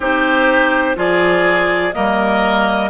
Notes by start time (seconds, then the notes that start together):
0.00 C4 D#4 G4 C5
0.95 F3 F4 G#4 D5
1.93 G3 A#3 A#4 D#5